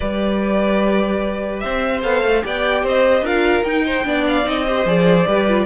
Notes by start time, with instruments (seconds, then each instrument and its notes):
0.00 cello G3, viola G4, violin B4 D5
1.59 cello C4, violin C5 E5
2.02 cello B3, viola A4, violin F5
2.23 cello A3
2.42 cello B3, viola G4, violin D5 G5
2.83 cello C4, violin C5 D#5
3.21 cello D4, viola F4, violin A#4 F5
3.63 cello D#4, viola D#4, violin G5
3.85 violin C5
4.04 cello B3, viola D4, violin D5
4.28 violin F5
4.44 cello C4, viola D#4, violin D#5
4.66 viola G4, violin C5
4.85 cello F3, viola G#4, violin D5
5.26 cello G3, viola G4, violin B4
5.47 viola F4